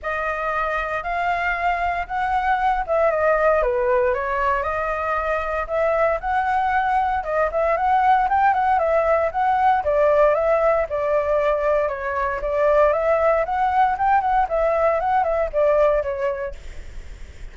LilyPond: \new Staff \with { instrumentName = "flute" } { \time 4/4 \tempo 4 = 116 dis''2 f''2 | fis''4. e''8 dis''4 b'4 | cis''4 dis''2 e''4 | fis''2 dis''8 e''8 fis''4 |
g''8 fis''8 e''4 fis''4 d''4 | e''4 d''2 cis''4 | d''4 e''4 fis''4 g''8 fis''8 | e''4 fis''8 e''8 d''4 cis''4 | }